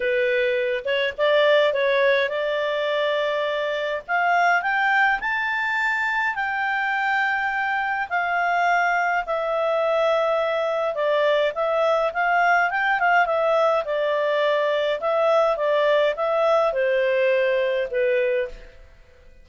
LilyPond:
\new Staff \with { instrumentName = "clarinet" } { \time 4/4 \tempo 4 = 104 b'4. cis''8 d''4 cis''4 | d''2. f''4 | g''4 a''2 g''4~ | g''2 f''2 |
e''2. d''4 | e''4 f''4 g''8 f''8 e''4 | d''2 e''4 d''4 | e''4 c''2 b'4 | }